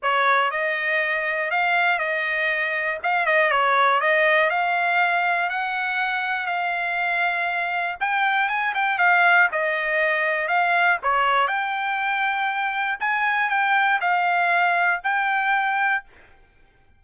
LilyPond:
\new Staff \with { instrumentName = "trumpet" } { \time 4/4 \tempo 4 = 120 cis''4 dis''2 f''4 | dis''2 f''8 dis''8 cis''4 | dis''4 f''2 fis''4~ | fis''4 f''2. |
g''4 gis''8 g''8 f''4 dis''4~ | dis''4 f''4 cis''4 g''4~ | g''2 gis''4 g''4 | f''2 g''2 | }